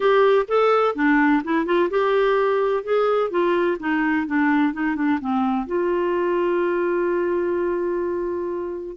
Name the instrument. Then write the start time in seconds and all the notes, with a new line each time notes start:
clarinet
0.00 G4
0.47 A4
0.95 D4
1.44 E4
1.65 F4
1.90 G4
2.83 G#4
3.30 F4
3.79 D#4
4.26 D4
4.73 D#4
4.95 D4
5.20 C4
5.66 F4